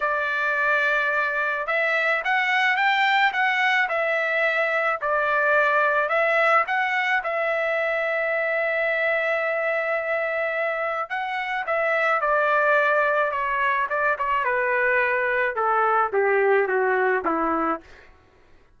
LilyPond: \new Staff \with { instrumentName = "trumpet" } { \time 4/4 \tempo 4 = 108 d''2. e''4 | fis''4 g''4 fis''4 e''4~ | e''4 d''2 e''4 | fis''4 e''2.~ |
e''1 | fis''4 e''4 d''2 | cis''4 d''8 cis''8 b'2 | a'4 g'4 fis'4 e'4 | }